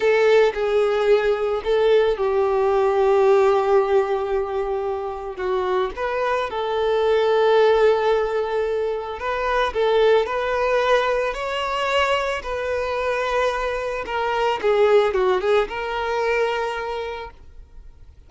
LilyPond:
\new Staff \with { instrumentName = "violin" } { \time 4/4 \tempo 4 = 111 a'4 gis'2 a'4 | g'1~ | g'2 fis'4 b'4 | a'1~ |
a'4 b'4 a'4 b'4~ | b'4 cis''2 b'4~ | b'2 ais'4 gis'4 | fis'8 gis'8 ais'2. | }